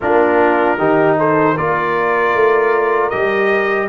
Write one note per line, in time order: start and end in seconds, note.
0.00 0.78 A#3
0.00 0.78 D4
0.00 0.78 F4
0.00 1.17 A#4
0.78 1.56 D#3
0.78 1.56 D#4
0.78 1.17 G4
1.19 1.54 A4
1.19 1.57 C5
1.54 2.34 A#3
1.54 3.11 F4
1.54 3.87 A#4
1.54 3.09 D5
2.34 3.12 A3
3.09 3.88 G3
3.09 3.88 G4
3.09 3.87 D#5